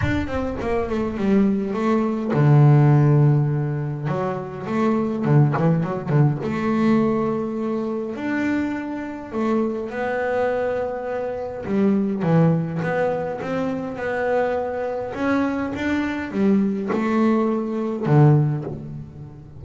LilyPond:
\new Staff \with { instrumentName = "double bass" } { \time 4/4 \tempo 4 = 103 d'8 c'8 ais8 a8 g4 a4 | d2. fis4 | a4 d8 e8 fis8 d8 a4~ | a2 d'2 |
a4 b2. | g4 e4 b4 c'4 | b2 cis'4 d'4 | g4 a2 d4 | }